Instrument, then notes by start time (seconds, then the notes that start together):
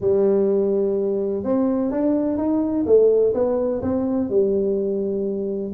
tuba
0.01 G3
1.43 C4
1.91 D4
2.37 D#4
2.86 A3
3.33 B3
3.82 C4
4.29 G3